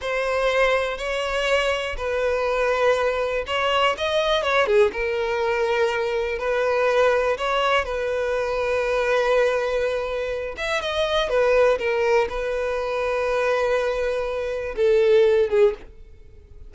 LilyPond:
\new Staff \with { instrumentName = "violin" } { \time 4/4 \tempo 4 = 122 c''2 cis''2 | b'2. cis''4 | dis''4 cis''8 gis'8 ais'2~ | ais'4 b'2 cis''4 |
b'1~ | b'4. e''8 dis''4 b'4 | ais'4 b'2.~ | b'2 a'4. gis'8 | }